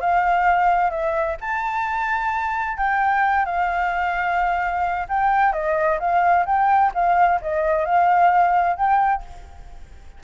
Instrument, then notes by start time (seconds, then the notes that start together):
flute
0.00 F5
0.90 E5
1.40 A5
2.77 G5
3.45 F5
5.08 G5
5.52 D#5
5.99 F5
6.45 G5
6.94 F5
7.41 D#5
7.85 F5
8.76 G5